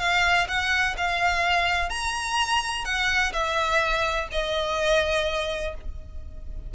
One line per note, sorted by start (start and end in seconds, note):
0.00 0.48 F5
0.48 0.96 F#5
0.98 1.90 F5
1.90 2.85 A#5
2.85 3.33 F#5
3.33 4.28 E5
4.32 5.75 D#5